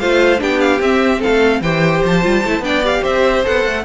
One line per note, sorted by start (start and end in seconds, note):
0.00 0.41 A3
0.00 0.39 F4
0.00 0.41 C5
0.00 0.41 F5
0.39 0.80 B3
0.39 0.79 D4
0.39 1.20 G4
0.39 0.61 G5
0.61 0.81 F5
0.80 1.21 C4
0.80 1.64 C4
0.80 1.23 E5
1.20 1.61 A4
1.20 1.63 F5
1.27 1.61 A3
1.61 2.02 E3
1.61 2.22 G4
1.61 2.64 C5
1.61 2.03 G5
2.05 2.25 F3
2.05 2.65 A5
2.22 2.45 G3
2.22 2.43 F4
2.45 2.60 A3
2.45 2.64 E4
2.60 3.00 B3
2.60 2.84 D4
2.60 3.02 D5
2.60 2.85 G5
2.84 3.44 G4
2.84 3.05 F5
3.02 3.46 C4
3.02 3.83 C5
3.02 3.45 E5
3.44 3.66 B3
3.44 3.85 A4
3.44 3.85 F#5
3.66 3.85 A3